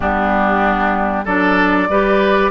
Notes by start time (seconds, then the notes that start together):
0.00 G3 B3 D4 G4
1.24 F#3 D4 A4 D5
1.89 G3 G4 B4